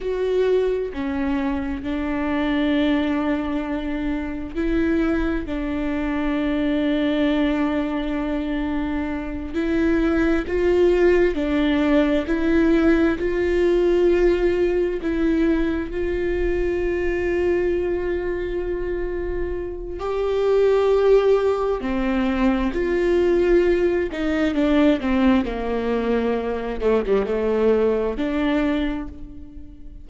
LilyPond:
\new Staff \with { instrumentName = "viola" } { \time 4/4 \tempo 4 = 66 fis'4 cis'4 d'2~ | d'4 e'4 d'2~ | d'2~ d'8 e'4 f'8~ | f'8 d'4 e'4 f'4.~ |
f'8 e'4 f'2~ f'8~ | f'2 g'2 | c'4 f'4. dis'8 d'8 c'8 | ais4. a16 g16 a4 d'4 | }